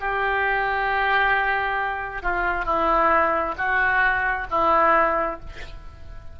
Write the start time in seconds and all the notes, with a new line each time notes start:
0.00 G4
2.23 F4
2.65 E4
3.57 F#4
4.50 E4